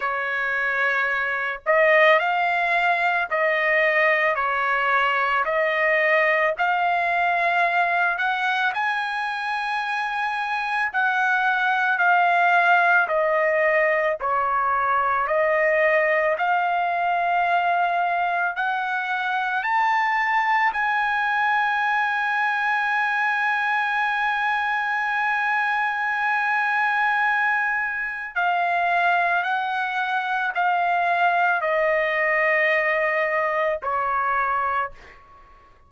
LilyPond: \new Staff \with { instrumentName = "trumpet" } { \time 4/4 \tempo 4 = 55 cis''4. dis''8 f''4 dis''4 | cis''4 dis''4 f''4. fis''8 | gis''2 fis''4 f''4 | dis''4 cis''4 dis''4 f''4~ |
f''4 fis''4 a''4 gis''4~ | gis''1~ | gis''2 f''4 fis''4 | f''4 dis''2 cis''4 | }